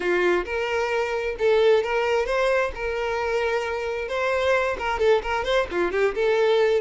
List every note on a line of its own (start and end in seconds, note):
0.00 0.44 F4
0.45 1.36 A#4
1.38 1.83 A4
1.83 2.26 A#4
2.26 2.71 C5
2.74 4.08 A#4
4.08 4.76 C5
4.78 4.99 A#4
4.99 5.21 A4
5.22 5.44 A#4
5.44 5.67 C5
5.71 5.91 F4
5.91 6.14 G4
6.14 6.81 A4